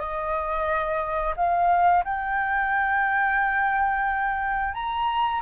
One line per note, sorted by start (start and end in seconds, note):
0.00 1.35 D#5
1.37 2.04 F5
2.04 4.74 G5
4.74 5.42 A#5